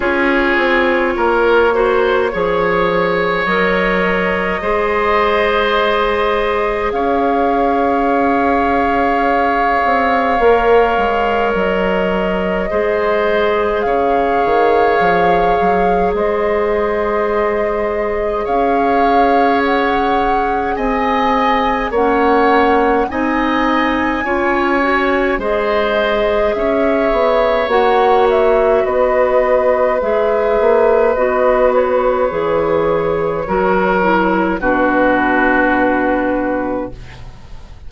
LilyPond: <<
  \new Staff \with { instrumentName = "flute" } { \time 4/4 \tempo 4 = 52 cis''2. dis''4~ | dis''2 f''2~ | f''2 dis''2 | f''2 dis''2 |
f''4 fis''4 gis''4 fis''4 | gis''2 dis''4 e''4 | fis''8 e''8 dis''4 e''4 dis''8 cis''8~ | cis''2 b'2 | }
  \new Staff \with { instrumentName = "oboe" } { \time 4/4 gis'4 ais'8 c''8 cis''2 | c''2 cis''2~ | cis''2. c''4 | cis''2 c''2 |
cis''2 dis''4 cis''4 | dis''4 cis''4 c''4 cis''4~ | cis''4 b'2.~ | b'4 ais'4 fis'2 | }
  \new Staff \with { instrumentName = "clarinet" } { \time 4/4 f'4. fis'8 gis'4 ais'4 | gis'1~ | gis'4 ais'2 gis'4~ | gis'1~ |
gis'2. cis'4 | dis'4 f'8 fis'8 gis'2 | fis'2 gis'4 fis'4 | gis'4 fis'8 e'8 d'2 | }
  \new Staff \with { instrumentName = "bassoon" } { \time 4/4 cis'8 c'8 ais4 f4 fis4 | gis2 cis'2~ | cis'8 c'8 ais8 gis8 fis4 gis4 | cis8 dis8 f8 fis8 gis2 |
cis'2 c'4 ais4 | c'4 cis'4 gis4 cis'8 b8 | ais4 b4 gis8 ais8 b4 | e4 fis4 b,2 | }
>>